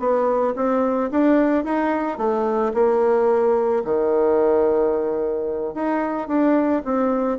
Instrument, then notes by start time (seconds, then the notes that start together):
bassoon
0.00 B3
0.56 C4
1.11 D4
1.65 D#4
2.18 A3
2.74 A#3
3.85 D#3
5.75 D#4
6.28 D4
6.85 C4